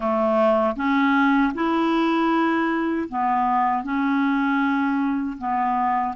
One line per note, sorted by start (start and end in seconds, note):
0.00 0.75 A3
0.76 1.52 C#4
1.54 3.08 E4
3.08 3.83 B3
3.83 5.37 C#4
5.38 6.15 B3